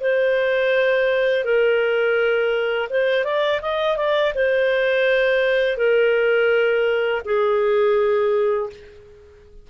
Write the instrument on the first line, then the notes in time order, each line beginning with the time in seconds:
clarinet
0.00 C5
1.44 A#4
2.89 C5
3.24 D5
3.61 D#5
3.97 D5
4.35 C5
5.77 A#4
7.25 G#4